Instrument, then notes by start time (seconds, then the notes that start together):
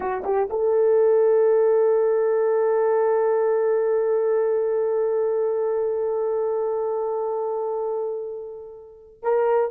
horn
0.00 F#4
0.24 G4
0.50 A4
9.22 A#4